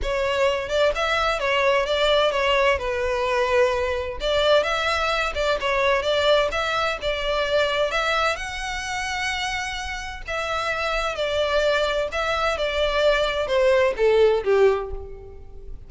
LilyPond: \new Staff \with { instrumentName = "violin" } { \time 4/4 \tempo 4 = 129 cis''4. d''8 e''4 cis''4 | d''4 cis''4 b'2~ | b'4 d''4 e''4. d''8 | cis''4 d''4 e''4 d''4~ |
d''4 e''4 fis''2~ | fis''2 e''2 | d''2 e''4 d''4~ | d''4 c''4 a'4 g'4 | }